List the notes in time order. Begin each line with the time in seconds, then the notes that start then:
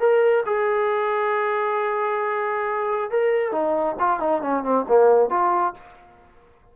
0.00 A#4
0.46 G#4
3.11 A#4
3.52 D#4
3.99 F4
4.20 D#4
4.42 C#4
4.63 C4
4.89 A#3
5.30 F4